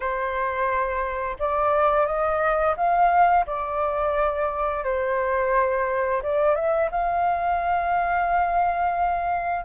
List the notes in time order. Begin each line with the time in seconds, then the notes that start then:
0.00 C5
1.39 D5
2.06 D#5
2.76 F5
3.46 D5
4.83 C5
6.22 D5
6.55 E5
6.91 F5